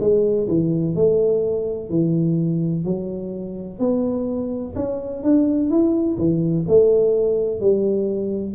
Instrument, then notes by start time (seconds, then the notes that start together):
tuba
0.00 G#3
0.48 E3
0.95 A3
1.89 E3
2.84 F#3
3.79 B3
4.75 C#4
5.23 D4
5.70 E4
6.17 E3
6.68 A3
7.60 G3